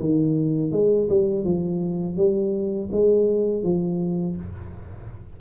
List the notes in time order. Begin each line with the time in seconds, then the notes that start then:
0.00 D#3
0.72 G#3
1.10 G3
1.45 F3
2.17 G3
2.92 G#3
3.64 F3